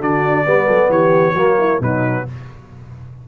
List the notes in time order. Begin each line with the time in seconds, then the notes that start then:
0.00 D3 D4 F#4 D5
0.44 G3 B3 B4
0.66 F#3 A4
0.89 E3 G4 C#5
1.34 F#3 A#3 F#4
1.58 E4
1.80 B2 F#3 D#4 B4